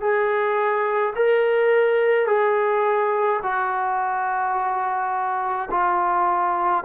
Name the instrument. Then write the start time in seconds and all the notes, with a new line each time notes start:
trombone
0.00 G#4
1.15 A#4
2.26 G#4
3.42 F#4
5.71 F4